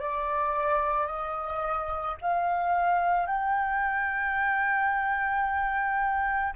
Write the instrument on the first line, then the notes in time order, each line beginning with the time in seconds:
flute
0.00 D5
1.07 D#5
2.22 F5
3.27 G5